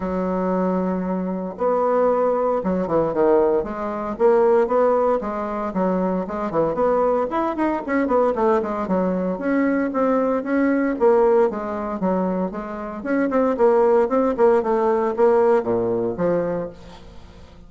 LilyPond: \new Staff \with { instrumentName = "bassoon" } { \time 4/4 \tempo 4 = 115 fis2. b4~ | b4 fis8 e8 dis4 gis4 | ais4 b4 gis4 fis4 | gis8 e8 b4 e'8 dis'8 cis'8 b8 |
a8 gis8 fis4 cis'4 c'4 | cis'4 ais4 gis4 fis4 | gis4 cis'8 c'8 ais4 c'8 ais8 | a4 ais4 ais,4 f4 | }